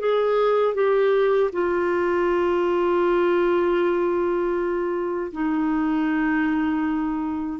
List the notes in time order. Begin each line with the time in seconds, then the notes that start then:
0.00 G#4
0.75 G4
1.53 F4
5.33 D#4